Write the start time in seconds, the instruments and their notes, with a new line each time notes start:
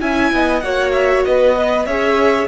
0.00 cello C#4, viola E4, violin E5 G#5
0.32 cello B3, violin D#5
0.60 cello A#3, viola F#4, violin C#5 F#5
0.92 violin E5
1.25 cello B3, violin B4 D#5
1.56 viola B4, violin D#5
1.85 cello C#4, viola G#4, violin C#5 E5